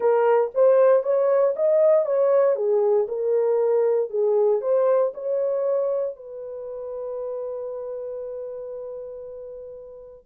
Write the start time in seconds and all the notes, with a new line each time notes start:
0.00 A#4
0.54 C5
1.03 C#5
1.55 D#5
2.05 C#5
2.55 G#4
3.08 A#4
4.10 G#4
4.61 C5
5.14 C#5
6.15 B4